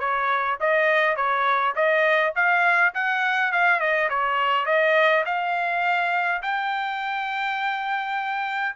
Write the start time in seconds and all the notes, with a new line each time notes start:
0.00 C#5
0.60 D#5
1.17 C#5
1.76 D#5
2.35 F5
2.94 F#5
3.52 F5
3.80 D#5
4.10 C#5
4.66 D#5
5.26 F5
6.42 G5